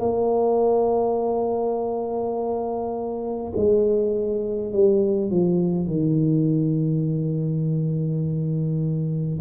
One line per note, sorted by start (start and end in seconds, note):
0.00 3.53 A#3
3.57 4.73 G#3
4.73 5.31 G3
5.31 5.87 F3
5.87 9.40 D#3